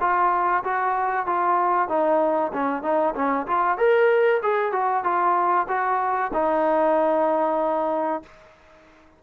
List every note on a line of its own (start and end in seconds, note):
0.00 0.63 F4
0.64 1.26 F#4
1.26 1.88 F4
1.88 2.51 D#4
2.53 2.82 C#4
2.82 3.14 D#4
3.15 3.46 C#4
3.47 3.78 F4
3.78 4.41 A#4
4.42 4.72 G#4
4.72 5.04 F#4
5.04 5.67 F4
5.68 6.31 F#4
6.33 8.22 D#4